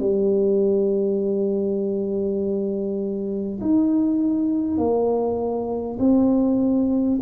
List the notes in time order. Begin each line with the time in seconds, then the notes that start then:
0.00 G3
3.61 D#4
4.78 A#3
5.99 C4